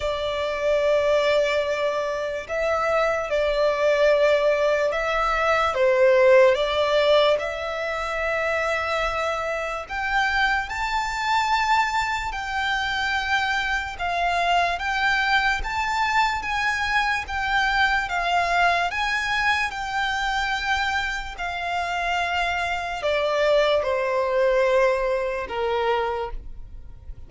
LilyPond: \new Staff \with { instrumentName = "violin" } { \time 4/4 \tempo 4 = 73 d''2. e''4 | d''2 e''4 c''4 | d''4 e''2. | g''4 a''2 g''4~ |
g''4 f''4 g''4 a''4 | gis''4 g''4 f''4 gis''4 | g''2 f''2 | d''4 c''2 ais'4 | }